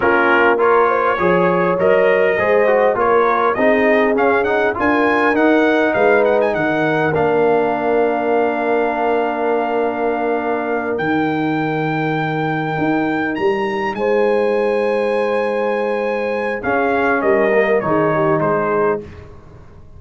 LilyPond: <<
  \new Staff \with { instrumentName = "trumpet" } { \time 4/4 \tempo 4 = 101 ais'4 cis''2 dis''4~ | dis''4 cis''4 dis''4 f''8 fis''8 | gis''4 fis''4 f''8 fis''16 gis''16 fis''4 | f''1~ |
f''2~ f''8 g''4.~ | g''2~ g''8 ais''4 gis''8~ | gis''1 | f''4 dis''4 cis''4 c''4 | }
  \new Staff \with { instrumentName = "horn" } { \time 4/4 f'4 ais'8 c''8 cis''2 | c''4 ais'4 gis'2 | ais'2 b'4 ais'4~ | ais'1~ |
ais'1~ | ais'2.~ ais'8 c''8~ | c''1 | gis'4 ais'4 gis'8 g'8 gis'4 | }
  \new Staff \with { instrumentName = "trombone" } { \time 4/4 cis'4 f'4 gis'4 ais'4 | gis'8 fis'8 f'4 dis'4 cis'8 dis'8 | f'4 dis'2. | d'1~ |
d'2~ d'8 dis'4.~ | dis'1~ | dis'1 | cis'4. ais8 dis'2 | }
  \new Staff \with { instrumentName = "tuba" } { \time 4/4 ais2 f4 fis4 | gis4 ais4 c'4 cis'4 | d'4 dis'4 gis4 dis4 | ais1~ |
ais2~ ais8 dis4.~ | dis4. dis'4 g4 gis8~ | gis1 | cis'4 g4 dis4 gis4 | }
>>